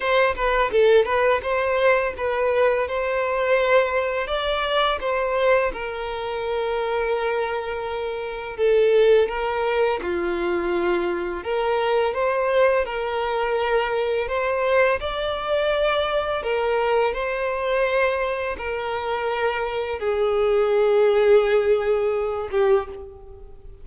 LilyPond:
\new Staff \with { instrumentName = "violin" } { \time 4/4 \tempo 4 = 84 c''8 b'8 a'8 b'8 c''4 b'4 | c''2 d''4 c''4 | ais'1 | a'4 ais'4 f'2 |
ais'4 c''4 ais'2 | c''4 d''2 ais'4 | c''2 ais'2 | gis'2.~ gis'8 g'8 | }